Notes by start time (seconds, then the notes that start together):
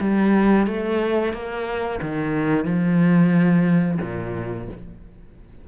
0.00 G3
0.67 A3
1.33 A#3
2.01 D#3
2.65 F3
4.01 A#2